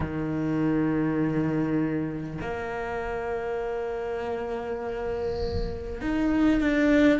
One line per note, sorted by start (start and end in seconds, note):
0.00 2.39 D#3
2.41 6.01 A#3
6.01 6.61 D#4
6.61 7.19 D4